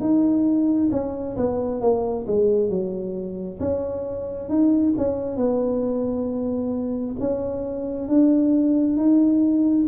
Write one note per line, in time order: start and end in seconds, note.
0.00 0.90 D#4
0.91 1.36 C#4
1.36 1.81 B3
1.81 2.26 A#3
2.27 2.69 G#3
2.69 3.59 F#3
3.60 4.49 C#4
4.49 4.94 D#4
4.97 5.36 C#4
5.36 7.16 B3
7.19 8.08 C#4
8.08 8.96 D4
8.96 9.86 D#4